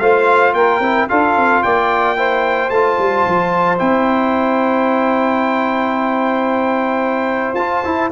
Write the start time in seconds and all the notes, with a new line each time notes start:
0.00 A3 F4 C5 F5
0.54 A#3 A#4 G5
0.80 C4 E4
1.09 D4 F4 A4 F5
1.37 C4
1.63 A#3 D5 G5
2.17 E4 C5
2.70 A3 F4 A5
2.99 G3
3.27 F3
3.78 C4 E4 G5
7.55 F4 A5
7.84 E4